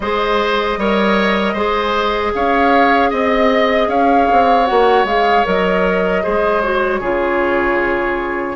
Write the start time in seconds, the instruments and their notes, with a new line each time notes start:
0.00 bassoon G#3, clarinet G#4, oboe C5, flute D#5
0.77 bassoon G3, clarinet A#4, oboe C#5
1.53 bassoon G#3, clarinet G#4, oboe C5
2.34 bassoon C#4, oboe C#5, flute F5
3.10 bassoon C4, oboe D#5, flute D#5
3.87 bassoon C#4, oboe C#5, flute F5
4.32 bassoon C4
4.66 bassoon A#3, clarinet F#4, flute F#5
5.04 bassoon G#3, clarinet G#4, flute F5
5.45 bassoon F#3, clarinet A#4, flute D#5
6.22 bassoon G#3, clarinet G#4, oboe C5
6.61 clarinet F#4, flute C#5
7.00 bassoon C#3, clarinet F4, oboe G#4